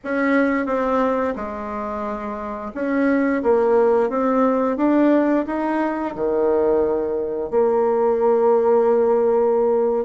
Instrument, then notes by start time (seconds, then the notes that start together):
bassoon
0.03 C#4
0.66 C4
1.35 G#3
2.74 C#4
3.42 A#3
4.09 C4
4.77 D4
5.46 D#4
6.15 D#3
7.50 A#3